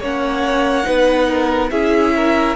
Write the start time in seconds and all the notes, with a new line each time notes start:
0.00 A#3 C#4 C#5 F#5
0.83 B3 D#4 B4
1.28 A#4
1.71 C#4 E4 G#4 E5
2.16 A#4